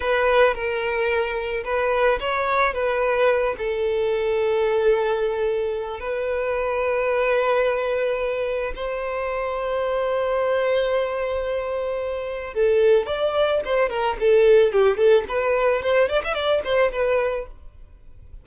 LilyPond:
\new Staff \with { instrumentName = "violin" } { \time 4/4 \tempo 4 = 110 b'4 ais'2 b'4 | cis''4 b'4. a'4.~ | a'2. b'4~ | b'1 |
c''1~ | c''2. a'4 | d''4 c''8 ais'8 a'4 g'8 a'8 | b'4 c''8 d''16 e''16 d''8 c''8 b'4 | }